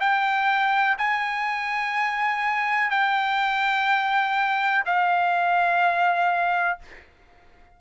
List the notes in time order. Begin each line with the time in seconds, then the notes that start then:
0.00 G5
0.98 G#5
2.90 G5
4.85 F5